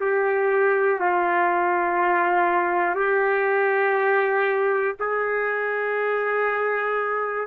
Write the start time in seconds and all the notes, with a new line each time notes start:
0.00 G4
1.00 F4
2.95 G4
4.99 G#4